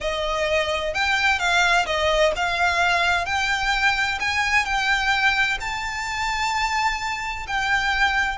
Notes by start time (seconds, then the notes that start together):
0.01 D#5
0.94 G5
1.39 F5
1.86 D#5
2.36 F5
3.25 G5
4.20 G#5
4.65 G5
5.60 A5
7.47 G5